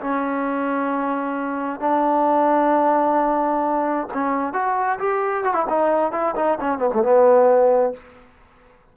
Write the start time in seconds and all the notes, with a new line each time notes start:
0.00 C#4
1.80 D4
4.13 C#4
4.53 F#4
4.99 G4
5.44 F#4
5.54 E4
5.69 D#4
6.12 E4
6.36 D#4
6.60 C#4
6.78 B3
6.93 A3
7.02 B3